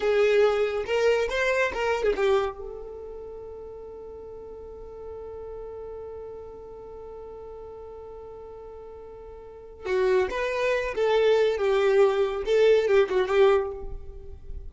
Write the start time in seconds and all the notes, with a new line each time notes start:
0.00 G#4
0.86 A#4
1.29 C5
1.73 A#4
2.03 G#4
2.15 G4
2.58 A4
9.85 F#4
10.30 B4
10.95 A4
11.57 G4
12.45 A4
12.87 G4
13.09 F#4
13.28 G4